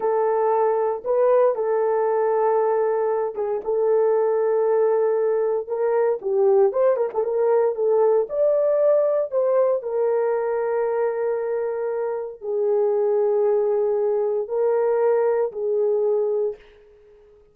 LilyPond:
\new Staff \with { instrumentName = "horn" } { \time 4/4 \tempo 4 = 116 a'2 b'4 a'4~ | a'2~ a'8 gis'8 a'4~ | a'2. ais'4 | g'4 c''8 ais'16 a'16 ais'4 a'4 |
d''2 c''4 ais'4~ | ais'1 | gis'1 | ais'2 gis'2 | }